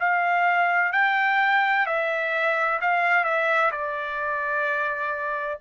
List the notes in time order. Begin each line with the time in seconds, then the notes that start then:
0.00 F5
0.92 G5
1.86 E5
2.81 F5
3.24 E5
3.72 D5